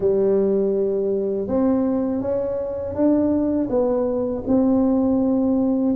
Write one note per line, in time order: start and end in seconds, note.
0.00 1.47 G3
1.47 2.21 C4
2.21 2.95 C#4
2.95 3.68 D4
3.69 4.43 B3
4.46 5.95 C4